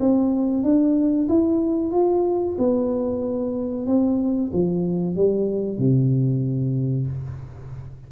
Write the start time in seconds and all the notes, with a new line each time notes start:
0.00 C4
0.63 D4
1.29 E4
1.92 F4
2.58 B3
3.87 C4
4.53 F3
5.16 G3
5.78 C3